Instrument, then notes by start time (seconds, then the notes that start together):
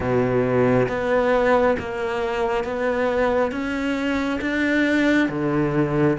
cello
0.00 B2
0.88 B3
1.79 A#3
2.64 B3
3.51 C#4
4.41 D4
5.29 D3